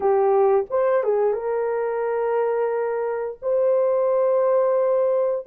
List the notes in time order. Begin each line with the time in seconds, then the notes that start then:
0.00 G4
0.69 C5
1.03 G#4
1.33 A#4
3.42 C5